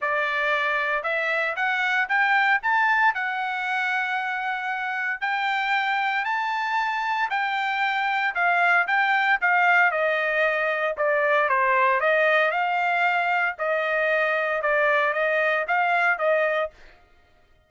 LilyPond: \new Staff \with { instrumentName = "trumpet" } { \time 4/4 \tempo 4 = 115 d''2 e''4 fis''4 | g''4 a''4 fis''2~ | fis''2 g''2 | a''2 g''2 |
f''4 g''4 f''4 dis''4~ | dis''4 d''4 c''4 dis''4 | f''2 dis''2 | d''4 dis''4 f''4 dis''4 | }